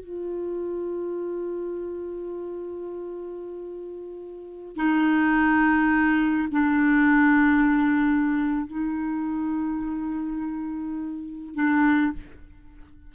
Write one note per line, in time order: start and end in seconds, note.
0.00 4.76 F4
4.76 6.49 D#4
6.52 8.67 D4
8.67 11.55 D#4
11.55 12.13 D4